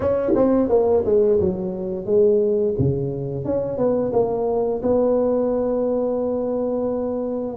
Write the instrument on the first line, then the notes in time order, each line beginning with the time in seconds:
tuba
0.00 C#4
0.35 C4
0.69 A#3
1.05 G#3
1.39 F#3
2.05 G#3
2.79 C#3
3.45 C#4
3.77 B3
4.12 A#3
4.82 B3